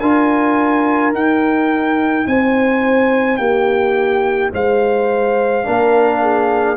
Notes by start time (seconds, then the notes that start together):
0.00 D4 F4 A#4 G#5
1.13 D#4 G5
2.27 C4 C5 G#5
3.37 A#3 G4 G5
4.53 G#3 C5 F5
5.64 A#3 D4 A#4
6.22 G#4